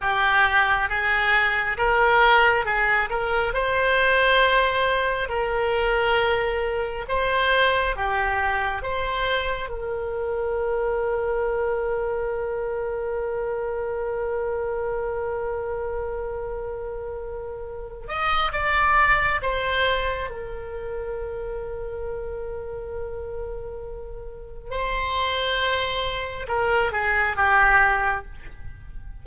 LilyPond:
\new Staff \with { instrumentName = "oboe" } { \time 4/4 \tempo 4 = 68 g'4 gis'4 ais'4 gis'8 ais'8 | c''2 ais'2 | c''4 g'4 c''4 ais'4~ | ais'1~ |
ais'1~ | ais'8 dis''8 d''4 c''4 ais'4~ | ais'1 | c''2 ais'8 gis'8 g'4 | }